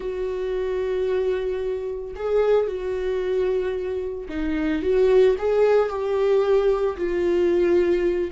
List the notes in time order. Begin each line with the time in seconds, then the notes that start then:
0.00 F#4
2.15 G#4
2.67 F#4
4.28 D#4
4.82 F#4
5.38 G#4
5.89 G4
6.96 F4